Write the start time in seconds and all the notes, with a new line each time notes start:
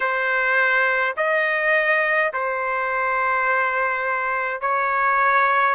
0.00 C5
1.16 D#5
2.33 C5
4.61 C#5